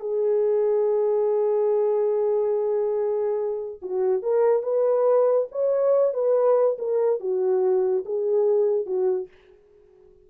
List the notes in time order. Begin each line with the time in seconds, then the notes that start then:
0.00 G#4
3.82 F#4
4.23 A#4
4.63 B4
5.52 C#5
6.14 B4
6.78 A#4
7.20 F#4
8.05 G#4
8.86 F#4